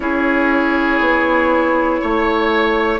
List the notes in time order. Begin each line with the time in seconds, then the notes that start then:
0.00 C#4 E4 G#4 C#5
1.00 B3
2.01 A3 C#5